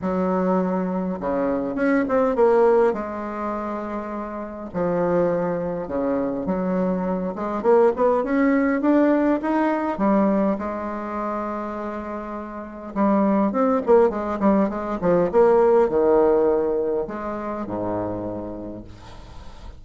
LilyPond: \new Staff \with { instrumentName = "bassoon" } { \time 4/4 \tempo 4 = 102 fis2 cis4 cis'8 c'8 | ais4 gis2. | f2 cis4 fis4~ | fis8 gis8 ais8 b8 cis'4 d'4 |
dis'4 g4 gis2~ | gis2 g4 c'8 ais8 | gis8 g8 gis8 f8 ais4 dis4~ | dis4 gis4 gis,2 | }